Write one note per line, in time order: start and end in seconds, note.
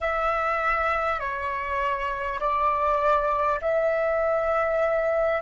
0.00 1.19 E5
1.19 2.39 C#5
2.39 3.59 D5
3.61 5.41 E5